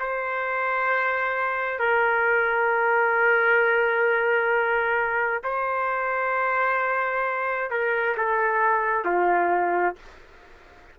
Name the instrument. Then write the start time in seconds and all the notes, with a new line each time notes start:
trumpet
0.00 C5
1.79 A#4
5.43 C5
7.70 A#4
8.17 A4
9.05 F4